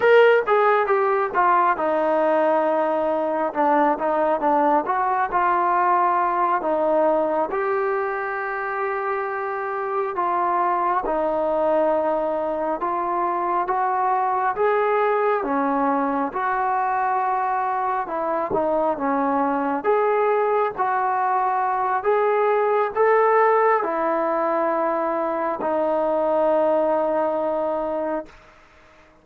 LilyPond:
\new Staff \with { instrumentName = "trombone" } { \time 4/4 \tempo 4 = 68 ais'8 gis'8 g'8 f'8 dis'2 | d'8 dis'8 d'8 fis'8 f'4. dis'8~ | dis'8 g'2. f'8~ | f'8 dis'2 f'4 fis'8~ |
fis'8 gis'4 cis'4 fis'4.~ | fis'8 e'8 dis'8 cis'4 gis'4 fis'8~ | fis'4 gis'4 a'4 e'4~ | e'4 dis'2. | }